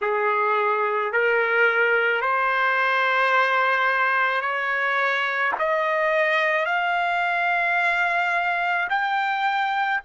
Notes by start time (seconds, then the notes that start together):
0.01 G#4
1.12 A#4
2.21 C5
4.41 C#5
5.58 D#5
6.65 F5
8.89 G5